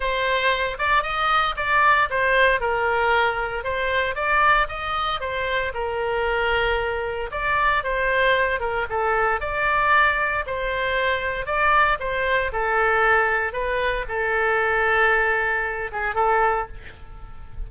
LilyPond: \new Staff \with { instrumentName = "oboe" } { \time 4/4 \tempo 4 = 115 c''4. d''8 dis''4 d''4 | c''4 ais'2 c''4 | d''4 dis''4 c''4 ais'4~ | ais'2 d''4 c''4~ |
c''8 ais'8 a'4 d''2 | c''2 d''4 c''4 | a'2 b'4 a'4~ | a'2~ a'8 gis'8 a'4 | }